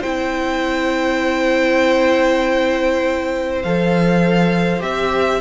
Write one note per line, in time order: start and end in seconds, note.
0.00 3.64 C4
0.00 3.63 E4
0.00 5.40 C5
0.00 3.62 G5
3.62 4.82 F3
3.62 4.80 A4
3.62 4.82 F5
4.80 5.41 C4
4.80 5.40 G4
4.80 5.41 E5